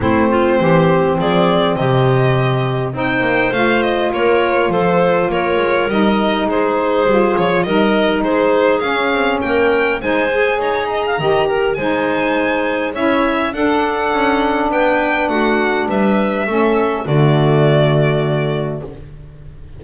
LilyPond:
<<
  \new Staff \with { instrumentName = "violin" } { \time 4/4 \tempo 4 = 102 c''2 d''4 dis''4~ | dis''4 g''4 f''8 dis''8 cis''4 | c''4 cis''4 dis''4 c''4~ | c''8 cis''8 dis''4 c''4 f''4 |
g''4 gis''4 ais''2 | gis''2 e''4 fis''4~ | fis''4 g''4 fis''4 e''4~ | e''4 d''2. | }
  \new Staff \with { instrumentName = "clarinet" } { \time 4/4 e'8 f'8 g'4 gis'4 g'4~ | g'4 c''2 ais'4 | a'4 ais'2 gis'4~ | gis'4 ais'4 gis'2 |
ais'4 c''4 cis''8 dis''16 f''16 dis''8 ais'8 | c''2 cis''4 a'4~ | a'4 b'4 fis'4 b'4 | a'4 fis'2. | }
  \new Staff \with { instrumentName = "saxophone" } { \time 4/4 c'1~ | c'4 dis'4 f'2~ | f'2 dis'2 | f'4 dis'2 cis'4~ |
cis'4 dis'8 gis'4. g'4 | dis'2 e'4 d'4~ | d'1 | cis'4 a2. | }
  \new Staff \with { instrumentName = "double bass" } { \time 4/4 a4 e4 f4 c4~ | c4 c'8 ais8 a4 ais4 | f4 ais8 gis8 g4 gis4 | g8 f8 g4 gis4 cis'8 c'8 |
ais4 gis4 dis'4 dis4 | gis2 cis'4 d'4 | cis'4 b4 a4 g4 | a4 d2. | }
>>